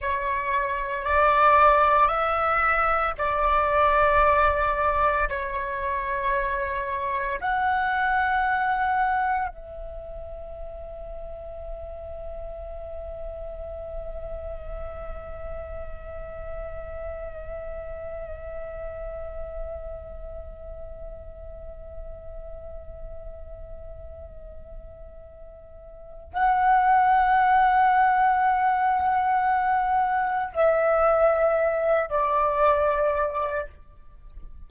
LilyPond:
\new Staff \with { instrumentName = "flute" } { \time 4/4 \tempo 4 = 57 cis''4 d''4 e''4 d''4~ | d''4 cis''2 fis''4~ | fis''4 e''2.~ | e''1~ |
e''1~ | e''1~ | e''4 fis''2.~ | fis''4 e''4. d''4. | }